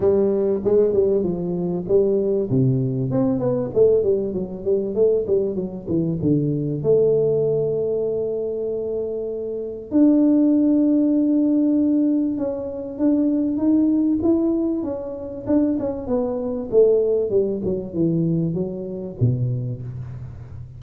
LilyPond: \new Staff \with { instrumentName = "tuba" } { \time 4/4 \tempo 4 = 97 g4 gis8 g8 f4 g4 | c4 c'8 b8 a8 g8 fis8 g8 | a8 g8 fis8 e8 d4 a4~ | a1 |
d'1 | cis'4 d'4 dis'4 e'4 | cis'4 d'8 cis'8 b4 a4 | g8 fis8 e4 fis4 b,4 | }